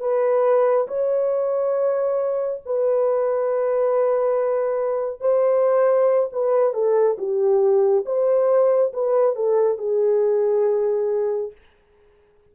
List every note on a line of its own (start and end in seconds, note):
0.00 0.87 B4
0.88 2.62 C#5
2.66 5.21 B4
5.21 6.29 C5
6.32 6.74 B4
6.74 7.17 A4
7.18 8.05 G4
8.06 8.92 C5
8.93 9.36 B4
9.36 9.78 A4
9.78 11.52 G#4